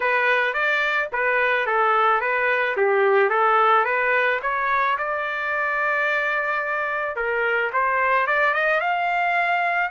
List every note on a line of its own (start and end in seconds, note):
0.00 0.53 B4
0.53 1.08 D5
1.12 1.66 B4
1.66 2.20 A4
2.20 2.75 B4
2.76 3.29 G4
3.29 3.84 A4
3.85 4.40 B4
4.42 4.97 C#5
4.97 7.16 D5
7.16 7.71 A#4
7.73 8.26 C5
8.26 8.53 D5
8.53 8.80 D#5
8.80 9.90 F5